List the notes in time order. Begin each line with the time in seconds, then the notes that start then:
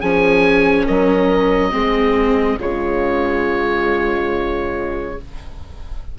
0.00 F3 C#4 G#4 G#5
0.85 F#3 A#4 D#5
1.71 G#3 C4 G#4
2.58 C#3 G#3 F4 C#5